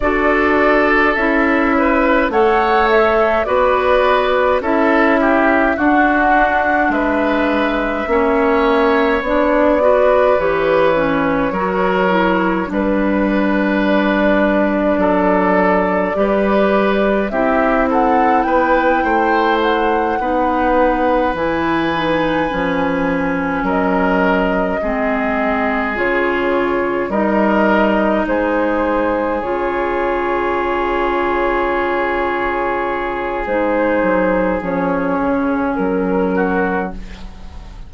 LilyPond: <<
  \new Staff \with { instrumentName = "flute" } { \time 4/4 \tempo 4 = 52 d''4 e''4 fis''8 e''8 d''4 | e''4 fis''4 e''2 | d''4 cis''2 b'4 | d''2. e''8 fis''8 |
g''4 fis''4. gis''4.~ | gis''8 dis''2 cis''4 dis''8~ | dis''8 c''4 cis''2~ cis''8~ | cis''4 c''4 cis''4 ais'4 | }
  \new Staff \with { instrumentName = "oboe" } { \time 4/4 a'4. b'8 cis''4 b'4 | a'8 g'8 fis'4 b'4 cis''4~ | cis''8 b'4. ais'4 b'4~ | b'4 a'4 b'4 g'8 a'8 |
b'8 c''4 b'2~ b'8~ | b'8 ais'4 gis'2 ais'8~ | ais'8 gis'2.~ gis'8~ | gis'2.~ gis'8 fis'8 | }
  \new Staff \with { instrumentName = "clarinet" } { \time 4/4 fis'4 e'4 a'4 fis'4 | e'4 d'2 cis'4 | d'8 fis'8 g'8 cis'8 fis'8 e'8 d'4~ | d'2 g'4 e'4~ |
e'4. dis'4 e'8 dis'8 cis'8~ | cis'4. c'4 f'4 dis'8~ | dis'4. f'2~ f'8~ | f'4 dis'4 cis'2 | }
  \new Staff \with { instrumentName = "bassoon" } { \time 4/4 d'4 cis'4 a4 b4 | cis'4 d'4 gis4 ais4 | b4 e4 fis4 g4~ | g4 fis4 g4 c'4 |
b8 a4 b4 e4 f8~ | f8 fis4 gis4 cis4 g8~ | g8 gis4 cis2~ cis8~ | cis4 gis8 fis8 f8 cis8 fis4 | }
>>